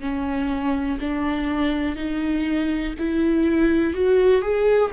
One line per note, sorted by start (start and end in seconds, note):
0.00 0.98 C#4
1.00 1.96 D4
1.96 2.94 D#4
2.99 3.94 E4
3.94 4.42 F#4
4.42 4.91 G#4